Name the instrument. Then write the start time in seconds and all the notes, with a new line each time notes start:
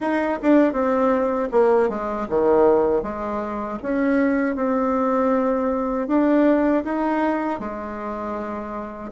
bassoon
0.00 D#4
0.42 D4
0.72 C4
1.51 A#3
1.89 G#3
2.29 D#3
3.02 G#3
3.82 C#4
4.55 C4
6.07 D4
6.84 D#4
7.59 G#3